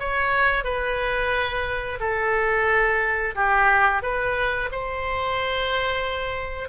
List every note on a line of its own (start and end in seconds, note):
0.00 0.65 C#5
0.65 1.99 B4
2.00 3.35 A4
3.36 4.03 G4
4.03 4.70 B4
4.72 6.69 C5